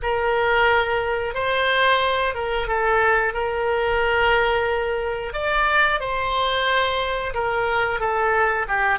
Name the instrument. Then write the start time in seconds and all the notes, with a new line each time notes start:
oboe
0.02 A#4
1.34 C5
2.34 A#4
2.67 A4
3.33 A#4
5.33 D5
6.00 C5
7.34 A#4
7.99 A4
8.68 G4